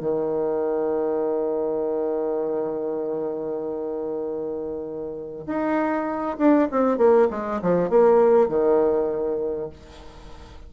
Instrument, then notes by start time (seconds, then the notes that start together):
bassoon
0.00 D#3
5.46 D#4
6.38 D4
6.71 C4
6.98 A#3
7.30 G#3
7.62 F3
7.90 A#3
8.48 D#3